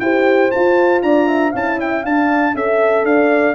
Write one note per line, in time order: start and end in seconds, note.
0.00 0.51 E4
0.00 0.51 G4
0.00 1.04 C5
0.00 0.51 G5
0.51 1.53 F4
0.51 1.03 F4
0.51 1.02 A5
1.02 1.53 D4
1.02 1.27 D5
1.02 1.53 A#5
1.27 1.52 E5
1.52 2.04 C#4
1.52 2.04 E4
1.52 1.77 F5
1.52 1.80 A5
1.78 2.03 E5
1.78 2.05 G5
2.03 2.55 D4
2.03 2.53 F5
2.03 2.56 A5
2.54 3.04 C#4
2.54 3.55 A4
2.54 3.05 E5
2.54 3.06 E5
3.04 3.55 D4
3.04 3.55 D5
3.04 3.55 F5